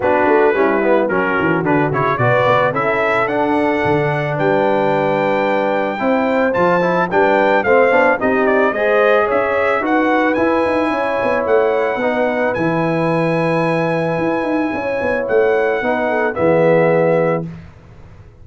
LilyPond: <<
  \new Staff \with { instrumentName = "trumpet" } { \time 4/4 \tempo 4 = 110 b'2 ais'4 b'8 cis''8 | d''4 e''4 fis''2 | g''1 | a''4 g''4 f''4 dis''8 d''8 |
dis''4 e''4 fis''4 gis''4~ | gis''4 fis''2 gis''4~ | gis''1 | fis''2 e''2 | }
  \new Staff \with { instrumentName = "horn" } { \time 4/4 fis'4 e'4 fis'2 | b'4 a'2. | b'2. c''4~ | c''4 b'4 c''4 g'4 |
c''4 cis''4 b'2 | cis''2 b'2~ | b'2. cis''4~ | cis''4 b'8 a'8 gis'2 | }
  \new Staff \with { instrumentName = "trombone" } { \time 4/4 d'4 cis'8 b8 cis'4 d'8 e'8 | fis'4 e'4 d'2~ | d'2. e'4 | f'8 e'8 d'4 c'8 d'8 dis'4 |
gis'2 fis'4 e'4~ | e'2 dis'4 e'4~ | e'1~ | e'4 dis'4 b2 | }
  \new Staff \with { instrumentName = "tuba" } { \time 4/4 b8 a8 g4 fis8 e8 d8 cis8 | b,8 b8 cis'4 d'4 d4 | g2. c'4 | f4 g4 a8 b8 c'4 |
gis4 cis'4 dis'4 e'8 dis'8 | cis'8 b8 a4 b4 e4~ | e2 e'8 dis'8 cis'8 b8 | a4 b4 e2 | }
>>